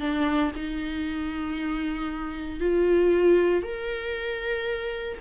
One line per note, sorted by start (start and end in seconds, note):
0.00 0.52 D4
0.56 2.60 D#4
2.60 3.63 F4
3.63 5.18 A#4